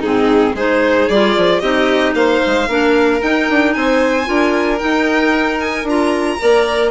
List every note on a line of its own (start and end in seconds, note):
0.00 0.54 G#2
0.00 0.57 C4
0.00 0.53 D#4
0.00 0.56 G#4
0.54 1.07 G#3
0.54 1.10 D#4
0.54 1.62 G#4
0.54 1.09 C5
1.09 1.36 G3
1.09 1.62 F4
1.09 1.60 D5
1.37 1.62 F3
1.60 2.14 C4
1.60 2.68 D#4
1.60 2.15 G4
1.60 2.13 D#5
2.14 2.40 A#3
2.14 2.69 C5
2.14 3.21 F5
2.47 2.68 G#3
2.68 3.21 A#3
2.68 3.22 D4
2.68 3.76 A#4
3.22 3.49 D#4
3.22 4.25 D#4
3.22 3.74 G5
3.50 3.76 D4
3.74 4.28 C4
3.74 4.29 C5
3.74 4.79 G#5
4.25 4.81 D4
4.25 4.78 F4
4.25 6.41 A#4
4.79 5.86 D#4
4.79 5.84 D#4
4.79 5.58 G5
5.60 5.87 G#5
5.84 6.37 D4
5.84 6.40 F4
5.90 6.91 A#5
6.40 6.91 A#3
6.40 6.91 A#4
6.40 6.91 D5